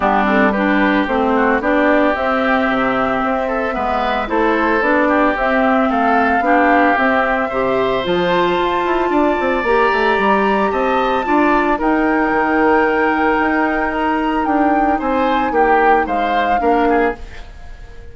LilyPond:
<<
  \new Staff \with { instrumentName = "flute" } { \time 4/4 \tempo 4 = 112 g'8 a'8 b'4 c''4 d''4 | e''1 | c''4 d''4 e''4 f''4~ | f''4 e''2 a''4~ |
a''2 ais''2 | a''2 g''2~ | g''2 ais''4 g''4 | gis''4 g''4 f''2 | }
  \new Staff \with { instrumentName = "oboe" } { \time 4/4 d'4 g'4. fis'8 g'4~ | g'2~ g'8 a'8 b'4 | a'4. g'4. a'4 | g'2 c''2~ |
c''4 d''2. | dis''4 d''4 ais'2~ | ais'1 | c''4 g'4 c''4 ais'8 gis'8 | }
  \new Staff \with { instrumentName = "clarinet" } { \time 4/4 b8 c'8 d'4 c'4 d'4 | c'2. b4 | e'4 d'4 c'2 | d'4 c'4 g'4 f'4~ |
f'2 g'2~ | g'4 f'4 dis'2~ | dis'1~ | dis'2. d'4 | }
  \new Staff \with { instrumentName = "bassoon" } { \time 4/4 g2 a4 b4 | c'4 c4 c'4 gis4 | a4 b4 c'4 a4 | b4 c'4 c4 f4 |
f'8 e'8 d'8 c'8 ais8 a8 g4 | c'4 d'4 dis'4 dis4~ | dis4 dis'2 d'4 | c'4 ais4 gis4 ais4 | }
>>